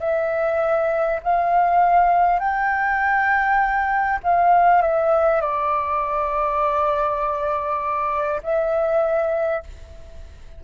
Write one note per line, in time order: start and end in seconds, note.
0.00 1.20 E5
1.23 2.39 F5
2.39 4.19 G5
4.24 4.82 F5
4.82 5.41 E5
5.41 8.41 D5
8.43 9.63 E5